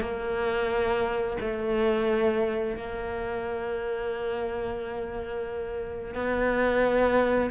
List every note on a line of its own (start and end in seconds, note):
0.00 1.36 A#3
1.40 2.76 A3
2.76 6.14 A#3
6.14 7.50 B3